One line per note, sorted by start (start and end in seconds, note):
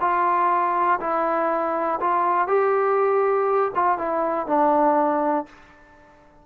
0.00 0.99 F4
1.00 1.99 E4
2.00 2.47 F4
2.47 3.71 G4
3.75 3.98 F4
3.98 4.46 E4
4.46 5.45 D4